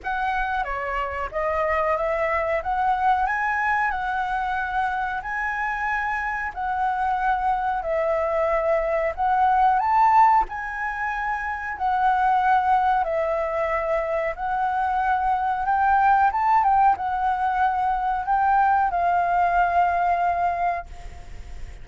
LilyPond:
\new Staff \with { instrumentName = "flute" } { \time 4/4 \tempo 4 = 92 fis''4 cis''4 dis''4 e''4 | fis''4 gis''4 fis''2 | gis''2 fis''2 | e''2 fis''4 a''4 |
gis''2 fis''2 | e''2 fis''2 | g''4 a''8 g''8 fis''2 | g''4 f''2. | }